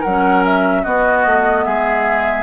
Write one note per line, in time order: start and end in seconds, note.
0.00 0.85 F#3
0.00 0.81 A#4
0.00 0.43 F#5
0.07 0.85 C#4
0.45 0.83 E5
0.83 1.26 B3
0.83 2.42 B3
0.83 1.64 F#4
0.83 1.64 D#5
1.26 1.66 A3
1.64 2.42 G#3
1.64 2.42 G#4
1.64 2.42 E5